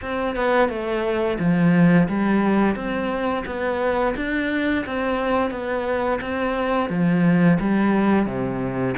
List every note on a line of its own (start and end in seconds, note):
0.01 0.35 C4
0.35 0.69 B3
0.69 1.38 A3
1.39 2.08 F3
2.08 2.75 G3
2.75 3.44 C4
3.45 4.14 B3
4.16 4.85 D4
4.86 5.50 C4
5.50 6.19 B3
6.21 6.89 C4
6.89 7.58 F3
7.60 8.25 G3
8.25 8.94 C3